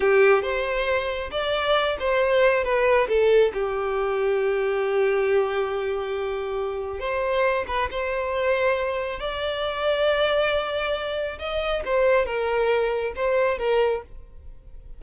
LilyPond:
\new Staff \with { instrumentName = "violin" } { \time 4/4 \tempo 4 = 137 g'4 c''2 d''4~ | d''8 c''4. b'4 a'4 | g'1~ | g'1 |
c''4. b'8 c''2~ | c''4 d''2.~ | d''2 dis''4 c''4 | ais'2 c''4 ais'4 | }